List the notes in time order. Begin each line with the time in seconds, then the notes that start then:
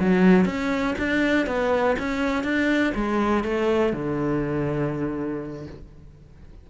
0.00 F#3
0.46 C#4
0.99 D4
1.47 B3
1.99 C#4
2.44 D4
2.95 G#3
3.44 A3
3.93 D3